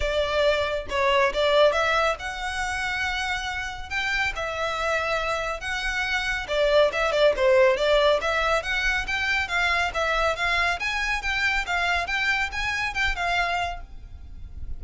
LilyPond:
\new Staff \with { instrumentName = "violin" } { \time 4/4 \tempo 4 = 139 d''2 cis''4 d''4 | e''4 fis''2.~ | fis''4 g''4 e''2~ | e''4 fis''2 d''4 |
e''8 d''8 c''4 d''4 e''4 | fis''4 g''4 f''4 e''4 | f''4 gis''4 g''4 f''4 | g''4 gis''4 g''8 f''4. | }